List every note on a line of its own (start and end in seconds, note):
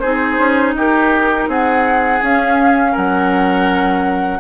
0.00 0.39 C4
0.00 2.22 D#4
0.00 0.75 G#4
0.00 0.73 C5
0.39 0.74 C#4
0.74 1.47 D#4
0.74 1.49 G4
0.74 1.50 A#4
1.48 2.21 C4
1.48 2.92 G#4
1.48 2.23 F#5
2.22 4.40 C#4
2.22 2.96 C#4
2.22 2.96 F5
2.92 4.40 F#3
2.92 4.38 A#4
2.92 4.40 F#5